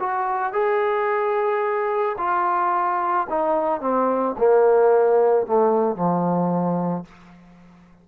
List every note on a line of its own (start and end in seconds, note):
0.00 0.53 F#4
0.53 2.17 G#4
2.18 3.28 F4
3.30 3.81 D#4
3.81 4.36 C4
4.38 5.47 A#3
5.47 5.96 A3
5.96 7.05 F3